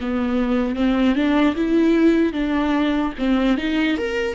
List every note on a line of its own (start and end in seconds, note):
0.00 0.75 B3
0.75 1.15 C4
1.15 1.55 D4
1.55 2.32 E4
2.32 3.12 D4
3.18 3.57 C4
3.57 3.97 D#4
3.97 4.34 A#4